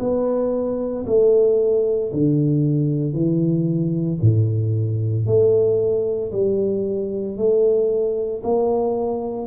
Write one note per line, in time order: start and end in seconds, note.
0.00 1.05 B3
1.07 2.12 A3
2.13 3.13 D3
3.13 4.19 E3
4.22 5.26 A2
5.26 6.32 A3
6.32 7.37 G3
7.37 8.43 A3
8.44 9.47 A#3